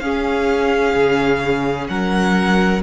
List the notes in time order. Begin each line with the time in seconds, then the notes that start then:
0.00 C#4 G#4 F5
0.94 C#3
1.88 F#3 A#4 F#5